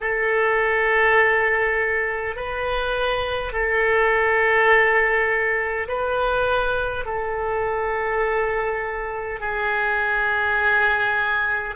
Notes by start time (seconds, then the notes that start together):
0.01 A4
2.35 B4
3.52 A4
5.88 B4
7.05 A4
9.40 G#4